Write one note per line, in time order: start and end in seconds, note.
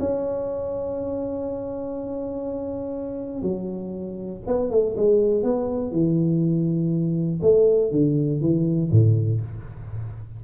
0.00 3.43 C#4
3.43 4.42 F#3
4.47 4.72 B3
4.72 4.96 A3
4.97 5.44 G#3
5.44 5.92 B3
5.92 7.41 E3
7.42 7.92 A3
7.92 8.41 D3
8.41 8.91 E3
8.92 9.41 A2